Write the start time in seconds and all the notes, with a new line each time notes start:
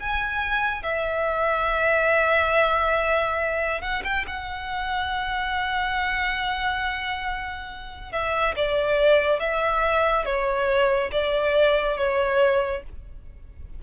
0.00 G#5
0.83 E5
3.81 F#5
4.04 G5
4.27 F#5
8.12 E5
8.56 D5
9.40 E5
10.25 C#5
11.12 D5
11.97 C#5